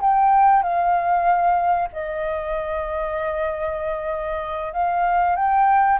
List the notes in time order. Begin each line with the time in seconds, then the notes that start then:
0.00 G5
0.62 F5
1.92 D#5
4.73 F5
5.35 G5